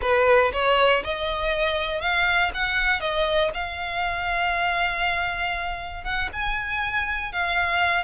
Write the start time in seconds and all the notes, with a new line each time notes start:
0.01 B4
0.52 C#5
1.03 D#5
2.01 F5
2.53 F#5
3.00 D#5
3.53 F5
6.04 F#5
6.33 G#5
7.32 F5